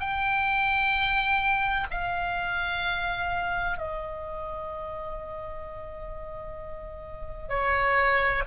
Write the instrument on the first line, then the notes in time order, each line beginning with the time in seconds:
oboe
0.00 G5
1.91 F5
3.78 D#5
7.50 C#5